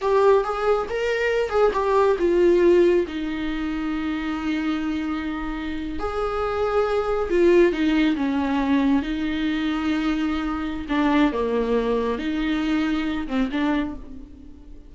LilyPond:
\new Staff \with { instrumentName = "viola" } { \time 4/4 \tempo 4 = 138 g'4 gis'4 ais'4. gis'8 | g'4 f'2 dis'4~ | dis'1~ | dis'4.~ dis'16 gis'2~ gis'16~ |
gis'8. f'4 dis'4 cis'4~ cis'16~ | cis'8. dis'2.~ dis'16~ | dis'4 d'4 ais2 | dis'2~ dis'8 c'8 d'4 | }